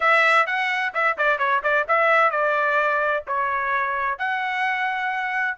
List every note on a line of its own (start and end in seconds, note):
0.00 0.46 E5
0.46 0.92 F#5
0.94 1.17 E5
1.17 1.38 D5
1.38 1.61 C#5
1.63 1.86 D5
1.88 2.30 E5
2.30 3.23 D5
3.27 4.18 C#5
4.18 5.58 F#5